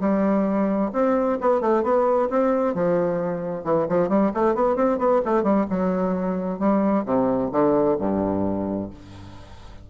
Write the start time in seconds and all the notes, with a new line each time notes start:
0.00 G3
0.93 C4
1.41 B3
1.61 A3
1.83 B3
2.30 C4
2.74 F3
3.64 E3
3.88 F3
4.09 G3
4.34 A3
4.55 B3
4.76 C4
4.98 B3
5.25 A3
5.43 G3
5.70 F#3
6.59 G3
7.06 C3
7.52 D3
7.99 G2